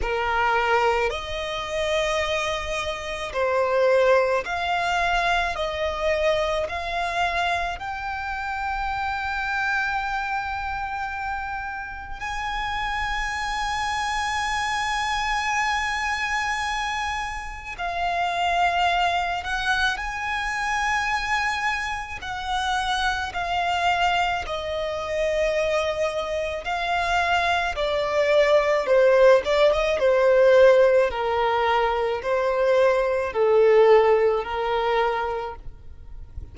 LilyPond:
\new Staff \with { instrumentName = "violin" } { \time 4/4 \tempo 4 = 54 ais'4 dis''2 c''4 | f''4 dis''4 f''4 g''4~ | g''2. gis''4~ | gis''1 |
f''4. fis''8 gis''2 | fis''4 f''4 dis''2 | f''4 d''4 c''8 d''16 dis''16 c''4 | ais'4 c''4 a'4 ais'4 | }